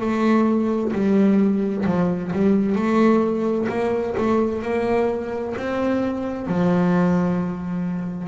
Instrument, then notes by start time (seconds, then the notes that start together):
double bass
0.00 A3
0.92 G3
1.85 F3
2.32 G3
2.75 A3
3.68 A#3
4.17 A3
4.62 A#3
5.57 C4
6.47 F3